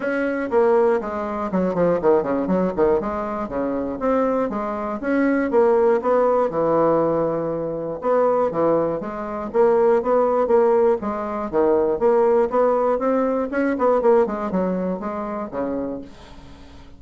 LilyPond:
\new Staff \with { instrumentName = "bassoon" } { \time 4/4 \tempo 4 = 120 cis'4 ais4 gis4 fis8 f8 | dis8 cis8 fis8 dis8 gis4 cis4 | c'4 gis4 cis'4 ais4 | b4 e2. |
b4 e4 gis4 ais4 | b4 ais4 gis4 dis4 | ais4 b4 c'4 cis'8 b8 | ais8 gis8 fis4 gis4 cis4 | }